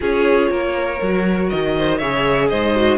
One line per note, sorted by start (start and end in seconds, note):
0.00 0.50 C#4
0.00 0.98 F4
0.00 0.50 G#4
0.00 1.49 C#5
0.50 1.00 A#3
0.50 1.76 A#4
1.01 1.51 F#3
1.01 2.01 F#4
1.49 2.02 D#3
1.49 1.98 D#5
1.77 1.98 C5
1.98 2.51 C#3
1.98 2.75 G#4
1.98 2.48 C#5
1.98 2.48 E5
2.48 2.98 G#2
2.48 2.98 C5
2.48 2.98 D#5
2.75 2.98 F#4